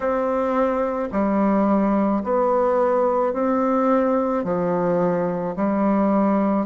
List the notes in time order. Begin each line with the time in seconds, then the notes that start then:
0.00 C4
1.12 G3
2.23 B3
3.33 C4
4.44 F3
5.56 G3